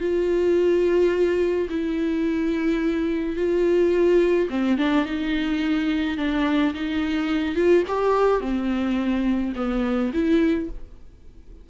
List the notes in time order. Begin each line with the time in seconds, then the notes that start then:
0.00 F4
1.69 E4
3.36 F4
4.50 C4
4.78 D4
5.05 D#4
6.17 D4
6.74 D#4
7.55 F4
7.88 G4
8.41 C4
9.56 B3
10.13 E4